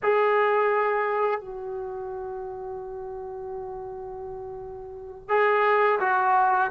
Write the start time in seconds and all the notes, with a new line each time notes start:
0.02 G#4
1.40 F#4
5.28 G#4
6.00 F#4